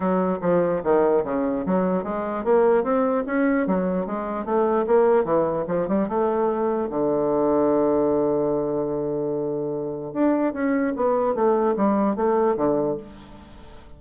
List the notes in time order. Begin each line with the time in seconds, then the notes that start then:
0.00 F#3
0.41 F3
0.83 D#3
1.24 C#3
1.65 F#3
2.03 G#3
2.44 A#3
2.83 C4
3.26 C#4
3.67 F#3
4.06 G#3
4.45 A3
4.86 A#3
5.24 E3
5.67 F3
5.88 G3
6.08 A3
6.90 D3
10.13 D4
10.53 C#4
10.96 B3
11.34 A3
11.76 G3
12.15 A3
12.56 D3